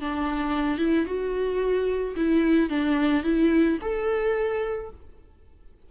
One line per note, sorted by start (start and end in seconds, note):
0.00 0.78 D4
0.78 1.05 E4
1.05 2.14 F#4
2.16 2.69 E4
2.69 3.23 D4
3.23 3.78 E4
3.81 4.90 A4